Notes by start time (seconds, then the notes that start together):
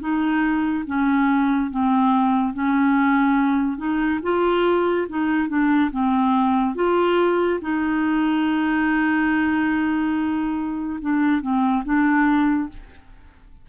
0.00 D#4
0.87 C#4
1.71 C4
2.54 C#4
3.78 D#4
4.23 F4
5.09 D#4
5.49 D4
5.92 C4
6.76 F4
7.62 D#4
11.01 D4
11.42 C4
11.85 D4